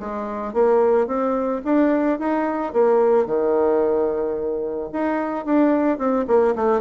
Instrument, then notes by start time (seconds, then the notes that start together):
bassoon
0.00 G#3
0.54 A#3
1.07 C4
1.65 D4
2.19 D#4
2.73 A#3
3.26 D#3
4.92 D#4
5.45 D4
5.98 C4
6.28 A#3
6.56 A3